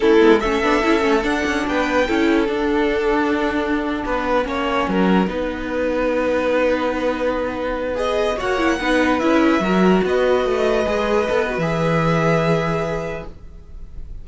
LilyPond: <<
  \new Staff \with { instrumentName = "violin" } { \time 4/4 \tempo 4 = 145 a'4 e''2 fis''4 | g''2 fis''2~ | fis''1~ | fis''1~ |
fis''2.~ fis''16 dis''8.~ | dis''16 fis''2 e''4.~ e''16~ | e''16 dis''2.~ dis''8. | e''1 | }
  \new Staff \with { instrumentName = "violin" } { \time 4/4 e'4 a'2. | b'4 a'2.~ | a'4.~ a'16 b'4 cis''4 ais'16~ | ais'8. b'2.~ b'16~ |
b'1~ | b'16 cis''4 b'2 ais'8.~ | ais'16 b'2.~ b'8.~ | b'1 | }
  \new Staff \with { instrumentName = "viola" } { \time 4/4 cis'8 b8 cis'8 d'8 e'8 cis'8 d'4~ | d'4 e'4 d'2~ | d'2~ d'8. cis'4~ cis'16~ | cis'8. dis'2.~ dis'16~ |
dis'2.~ dis'16 gis'8.~ | gis'16 fis'8 e'8 dis'4 e'4 fis'8.~ | fis'2~ fis'16 gis'4 a'8 fis'16 | gis'1 | }
  \new Staff \with { instrumentName = "cello" } { \time 4/4 a8 gis8 a8 b8 cis'8 a8 d'8 cis'8 | b4 cis'4 d'2~ | d'4.~ d'16 b4 ais4 fis16~ | fis8. b2.~ b16~ |
b1~ | b16 ais4 b4 cis'4 fis8.~ | fis16 b4 a4 gis4 b8. | e1 | }
>>